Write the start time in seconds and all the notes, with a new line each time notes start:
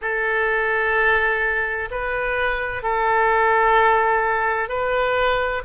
0.01 A4
1.90 B4
2.83 A4
4.68 B4